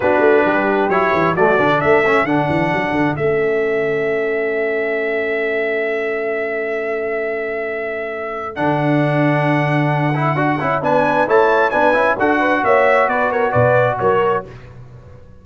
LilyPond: <<
  \new Staff \with { instrumentName = "trumpet" } { \time 4/4 \tempo 4 = 133 b'2 cis''4 d''4 | e''4 fis''2 e''4~ | e''1~ | e''1~ |
e''2. fis''4~ | fis''1 | gis''4 a''4 gis''4 fis''4 | e''4 d''8 cis''8 d''4 cis''4 | }
  \new Staff \with { instrumentName = "horn" } { \time 4/4 fis'4 g'2 fis'4 | a'1~ | a'1~ | a'1~ |
a'1~ | a'1 | b'4 cis''4 b'4 a'8 b'8 | cis''4 b'8 ais'8 b'4 ais'4 | }
  \new Staff \with { instrumentName = "trombone" } { \time 4/4 d'2 e'4 a8 d'8~ | d'8 cis'8 d'2 cis'4~ | cis'1~ | cis'1~ |
cis'2. d'4~ | d'2~ d'8 e'8 fis'8 e'8 | d'4 e'4 d'8 e'8 fis'4~ | fis'1 | }
  \new Staff \with { instrumentName = "tuba" } { \time 4/4 b8 a8 g4 fis8 e8 fis8 d8 | a4 d8 e8 fis8 d8 a4~ | a1~ | a1~ |
a2. d4~ | d2. d'8 cis'8 | b4 a4 b8 cis'8 d'4 | ais4 b4 b,4 fis4 | }
>>